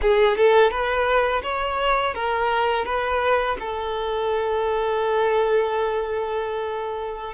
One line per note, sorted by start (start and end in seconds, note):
0.01 0.37 G#4
0.37 0.70 A4
0.70 1.42 B4
1.43 2.14 C#5
2.14 2.85 A#4
2.85 3.56 B4
3.59 7.33 A4